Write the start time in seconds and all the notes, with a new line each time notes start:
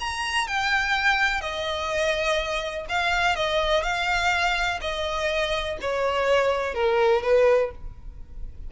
0.00 A#5
0.48 G5
1.41 D#5
2.90 F5
3.36 D#5
3.83 F5
4.81 D#5
5.82 C#5
6.75 A#4
7.23 B4